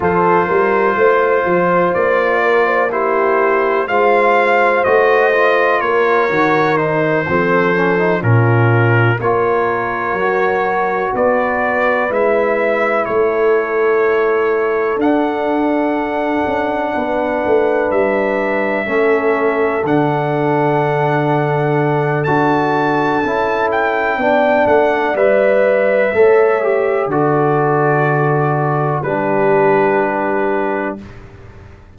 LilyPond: <<
  \new Staff \with { instrumentName = "trumpet" } { \time 4/4 \tempo 4 = 62 c''2 d''4 c''4 | f''4 dis''4 cis''4 c''4~ | c''8 ais'4 cis''2 d''8~ | d''8 e''4 cis''2 fis''8~ |
fis''2~ fis''8 e''4.~ | e''8 fis''2~ fis''8 a''4~ | a''8 g''4 fis''8 e''2 | d''2 b'2 | }
  \new Staff \with { instrumentName = "horn" } { \time 4/4 a'8 ais'8 c''4. ais'16 c''16 g'4 | c''2 ais'4. a'8~ | a'8 f'4 ais'2 b'8~ | b'4. a'2~ a'8~ |
a'4. b'2 a'8~ | a'1~ | a'4 d''2 cis''4 | a'2 g'2 | }
  \new Staff \with { instrumentName = "trombone" } { \time 4/4 f'2. e'4 | f'4 fis'8 f'4 fis'8 dis'8 c'8 | cis'16 dis'16 cis'4 f'4 fis'4.~ | fis'8 e'2. d'8~ |
d'2.~ d'8 cis'8~ | cis'8 d'2~ d'8 fis'4 | e'4 d'4 b'4 a'8 g'8 | fis'2 d'2 | }
  \new Staff \with { instrumentName = "tuba" } { \time 4/4 f8 g8 a8 f8 ais2 | gis4 a4 ais8 dis4 f8~ | f8 ais,4 ais4 fis4 b8~ | b8 gis4 a2 d'8~ |
d'4 cis'8 b8 a8 g4 a8~ | a8 d2~ d8 d'4 | cis'4 b8 a8 g4 a4 | d2 g2 | }
>>